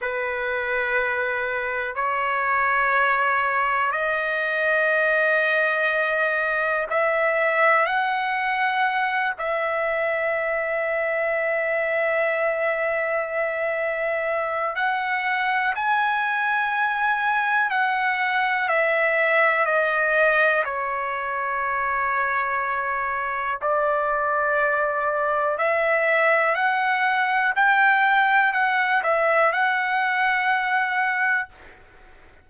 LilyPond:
\new Staff \with { instrumentName = "trumpet" } { \time 4/4 \tempo 4 = 61 b'2 cis''2 | dis''2. e''4 | fis''4. e''2~ e''8~ | e''2. fis''4 |
gis''2 fis''4 e''4 | dis''4 cis''2. | d''2 e''4 fis''4 | g''4 fis''8 e''8 fis''2 | }